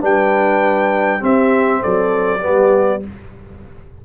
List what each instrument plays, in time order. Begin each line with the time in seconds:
0.00 tuba G3, trombone D4, horn B4, trumpet G5
1.19 trombone C4, tuba C4, horn G4, trumpet E5
1.80 tuba F#3, horn A4, trumpet D5
2.40 tuba G3, trombone B3, horn G4